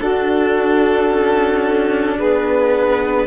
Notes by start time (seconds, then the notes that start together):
0.00 D4 F#4 A4
1.09 C#4
2.17 B3 G#4 B4